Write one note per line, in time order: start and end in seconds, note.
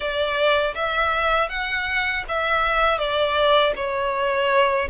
0.00 0.74 D5
0.74 1.49 E5
1.49 2.24 F#5
2.28 2.98 E5
2.98 3.73 D5
3.75 4.88 C#5